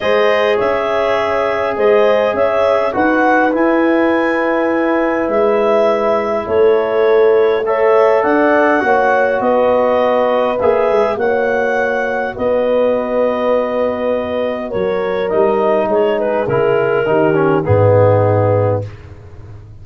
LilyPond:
<<
  \new Staff \with { instrumentName = "clarinet" } { \time 4/4 \tempo 4 = 102 dis''4 e''2 dis''4 | e''4 fis''4 gis''2~ | gis''4 e''2 cis''4~ | cis''4 e''4 fis''2 |
dis''2 e''4 fis''4~ | fis''4 dis''2.~ | dis''4 cis''4 dis''4 cis''8 b'8 | ais'2 gis'2 | }
  \new Staff \with { instrumentName = "horn" } { \time 4/4 c''4 cis''2 c''4 | cis''4 b'2.~ | b'2. a'4~ | a'4 cis''4 d''4 cis''4 |
b'2. cis''4~ | cis''4 b'2.~ | b'4 ais'2 gis'4~ | gis'4 g'4 dis'2 | }
  \new Staff \with { instrumentName = "trombone" } { \time 4/4 gis'1~ | gis'4 fis'4 e'2~ | e'1~ | e'4 a'2 fis'4~ |
fis'2 gis'4 fis'4~ | fis'1~ | fis'2 dis'2 | e'4 dis'8 cis'8 b2 | }
  \new Staff \with { instrumentName = "tuba" } { \time 4/4 gis4 cis'2 gis4 | cis'4 dis'4 e'2~ | e'4 gis2 a4~ | a2 d'4 ais4 |
b2 ais8 gis8 ais4~ | ais4 b2.~ | b4 fis4 g4 gis4 | cis4 dis4 gis,2 | }
>>